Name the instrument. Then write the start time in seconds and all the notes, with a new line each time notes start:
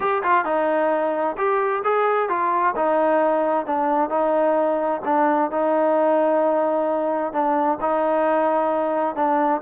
trombone
0.00 G4
0.23 F4
0.45 D#4
1.37 G4
1.83 G#4
2.29 F4
2.75 D#4
3.65 D4
4.09 D#4
5.05 D4
5.50 D#4
7.32 D4
7.80 D#4
9.15 D4